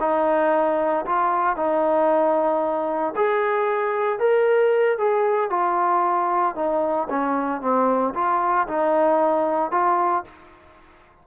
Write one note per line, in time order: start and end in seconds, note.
0.00 1.05 D#4
1.06 1.56 F4
1.56 3.14 D#4
3.16 4.19 G#4
4.19 4.98 A#4
4.98 5.50 G#4
5.50 6.55 F4
6.55 7.08 D#4
7.10 7.61 C#4
7.61 8.14 C4
8.14 8.67 F4
8.68 9.71 D#4
9.71 10.24 F4